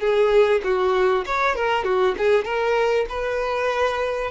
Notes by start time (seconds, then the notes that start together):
0.00 G#4
0.63 F#4
1.26 C#5
1.55 A#4
1.84 F#4
2.17 G#4
2.45 A#4
3.09 B4